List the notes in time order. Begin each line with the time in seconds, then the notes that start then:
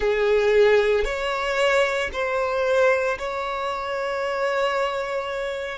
0.00 G#4
1.04 C#5
2.12 C5
3.18 C#5